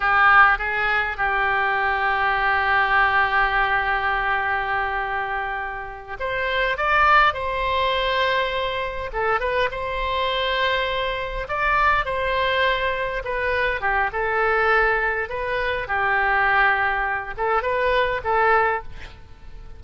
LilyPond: \new Staff \with { instrumentName = "oboe" } { \time 4/4 \tempo 4 = 102 g'4 gis'4 g'2~ | g'1~ | g'2~ g'8 c''4 d''8~ | d''8 c''2. a'8 |
b'8 c''2. d''8~ | d''8 c''2 b'4 g'8 | a'2 b'4 g'4~ | g'4. a'8 b'4 a'4 | }